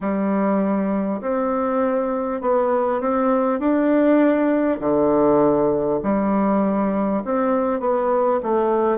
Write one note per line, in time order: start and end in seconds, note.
0.01 1.21 G3
1.21 2.41 C4
2.41 3.01 B3
3.01 3.59 C4
3.59 4.79 D4
4.79 5.99 D3
6.03 7.23 G3
7.24 7.79 C4
7.79 8.39 B3
8.43 8.97 A3